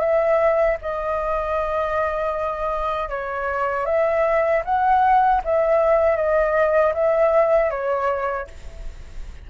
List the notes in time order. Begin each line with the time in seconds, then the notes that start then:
0.00 E5
0.81 D#5
3.09 C#5
3.86 E5
4.65 F#5
5.44 E5
6.16 D#5
6.94 E5
7.70 C#5